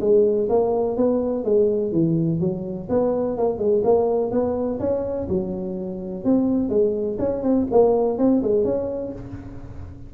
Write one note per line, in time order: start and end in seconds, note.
0.00 0.48 G#3
0.49 0.96 A#3
0.96 1.44 B3
1.44 1.92 G#3
1.92 2.40 E3
2.40 2.88 F#3
2.89 3.37 B3
3.37 3.58 A#3
3.58 3.82 G#3
3.84 4.31 A#3
4.31 4.79 B3
4.79 5.27 C#4
5.28 6.24 F#3
6.24 6.69 C4
6.69 7.17 G#3
7.18 7.42 C#4
7.42 7.66 C4
7.71 8.18 A#3
8.18 8.42 C4
8.42 8.64 G#3
8.64 9.12 C#4